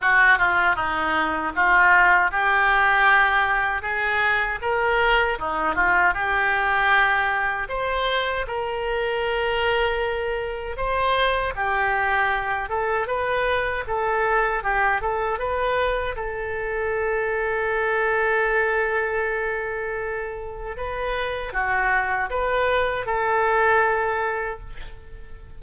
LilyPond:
\new Staff \with { instrumentName = "oboe" } { \time 4/4 \tempo 4 = 78 fis'8 f'8 dis'4 f'4 g'4~ | g'4 gis'4 ais'4 dis'8 f'8 | g'2 c''4 ais'4~ | ais'2 c''4 g'4~ |
g'8 a'8 b'4 a'4 g'8 a'8 | b'4 a'2.~ | a'2. b'4 | fis'4 b'4 a'2 | }